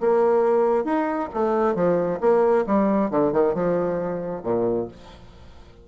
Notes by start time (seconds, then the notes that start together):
0.00 A#3
0.84 D#4
1.33 A3
1.75 F3
2.20 A#3
2.66 G3
3.10 D3
3.32 D#3
3.54 F3
4.43 A#2